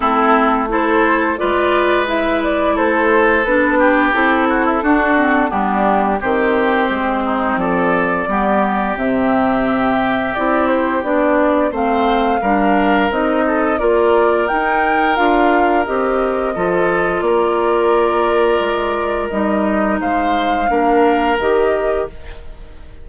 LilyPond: <<
  \new Staff \with { instrumentName = "flute" } { \time 4/4 \tempo 4 = 87 a'4 c''4 d''4 e''8 d''8 | c''4 b'4 a'2 | g'4 c''2 d''4~ | d''4 e''2 d''8 c''8 |
d''4 f''2 dis''4 | d''4 g''4 f''4 dis''4~ | dis''4 d''2. | dis''4 f''2 dis''4 | }
  \new Staff \with { instrumentName = "oboe" } { \time 4/4 e'4 a'4 b'2 | a'4. g'4 fis'16 e'16 fis'4 | d'4 g'4. dis'8 a'4 | g'1~ |
g'4 c''4 ais'4. a'8 | ais'1 | a'4 ais'2.~ | ais'4 c''4 ais'2 | }
  \new Staff \with { instrumentName = "clarinet" } { \time 4/4 c'4 e'4 f'4 e'4~ | e'4 d'4 e'4 d'8 c'8 | b4 c'2. | b4 c'2 e'4 |
d'4 c'4 d'4 dis'4 | f'4 dis'4 f'4 g'4 | f'1 | dis'2 d'4 g'4 | }
  \new Staff \with { instrumentName = "bassoon" } { \time 4/4 a2 gis2 | a4 b4 c'4 d'4 | g4 dis4 gis4 f4 | g4 c2 c'4 |
b4 a4 g4 c'4 | ais4 dis'4 d'4 c'4 | f4 ais2 gis4 | g4 gis4 ais4 dis4 | }
>>